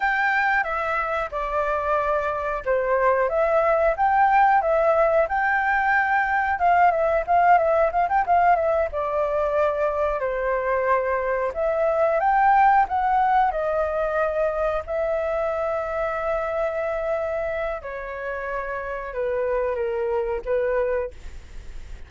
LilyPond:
\new Staff \with { instrumentName = "flute" } { \time 4/4 \tempo 4 = 91 g''4 e''4 d''2 | c''4 e''4 g''4 e''4 | g''2 f''8 e''8 f''8 e''8 | f''16 g''16 f''8 e''8 d''2 c''8~ |
c''4. e''4 g''4 fis''8~ | fis''8 dis''2 e''4.~ | e''2. cis''4~ | cis''4 b'4 ais'4 b'4 | }